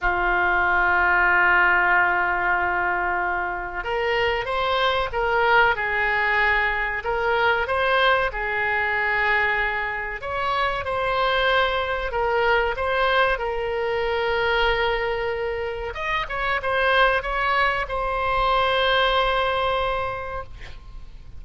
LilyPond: \new Staff \with { instrumentName = "oboe" } { \time 4/4 \tempo 4 = 94 f'1~ | f'2 ais'4 c''4 | ais'4 gis'2 ais'4 | c''4 gis'2. |
cis''4 c''2 ais'4 | c''4 ais'2.~ | ais'4 dis''8 cis''8 c''4 cis''4 | c''1 | }